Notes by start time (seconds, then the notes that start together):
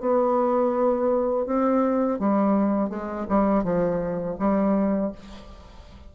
0.00 B3
1.46 C4
2.19 G3
2.90 G#3
3.29 G3
3.64 F3
4.39 G3